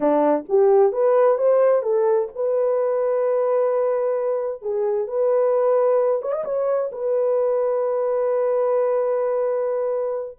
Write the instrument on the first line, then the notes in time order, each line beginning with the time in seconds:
horn
0.00 D4
0.48 G4
0.92 B4
1.37 C5
1.82 A4
2.35 B4
4.62 G#4
5.07 B4
6.21 C#5
6.32 D#5
6.44 C#5
6.91 B4